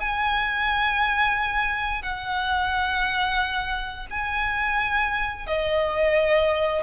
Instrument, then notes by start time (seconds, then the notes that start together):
violin
0.00 G#5
2.02 F#5
4.11 G#5
5.47 D#5